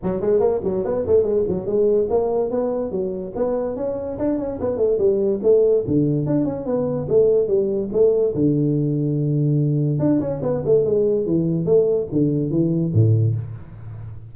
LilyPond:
\new Staff \with { instrumentName = "tuba" } { \time 4/4 \tempo 4 = 144 fis8 gis8 ais8 fis8 b8 a8 gis8 fis8 | gis4 ais4 b4 fis4 | b4 cis'4 d'8 cis'8 b8 a8 | g4 a4 d4 d'8 cis'8 |
b4 a4 g4 a4 | d1 | d'8 cis'8 b8 a8 gis4 e4 | a4 d4 e4 a,4 | }